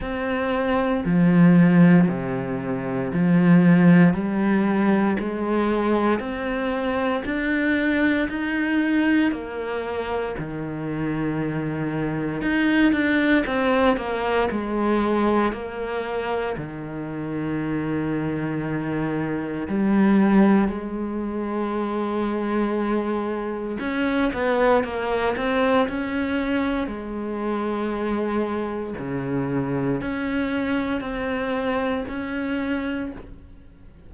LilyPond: \new Staff \with { instrumentName = "cello" } { \time 4/4 \tempo 4 = 58 c'4 f4 c4 f4 | g4 gis4 c'4 d'4 | dis'4 ais4 dis2 | dis'8 d'8 c'8 ais8 gis4 ais4 |
dis2. g4 | gis2. cis'8 b8 | ais8 c'8 cis'4 gis2 | cis4 cis'4 c'4 cis'4 | }